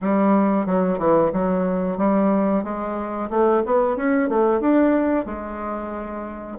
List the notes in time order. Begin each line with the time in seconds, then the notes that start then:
0.01 G3
0.66 F#3
0.98 E3
1.32 F#3
1.97 G3
2.63 G#3
3.30 A3
3.65 B3
3.96 C#4
4.29 A3
4.60 D4
5.25 G#3